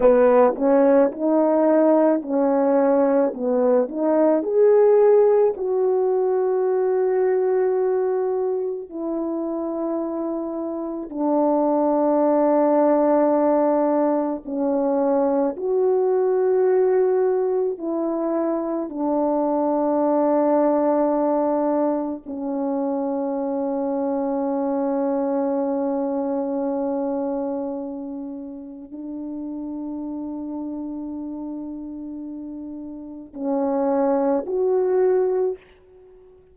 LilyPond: \new Staff \with { instrumentName = "horn" } { \time 4/4 \tempo 4 = 54 b8 cis'8 dis'4 cis'4 b8 dis'8 | gis'4 fis'2. | e'2 d'2~ | d'4 cis'4 fis'2 |
e'4 d'2. | cis'1~ | cis'2 d'2~ | d'2 cis'4 fis'4 | }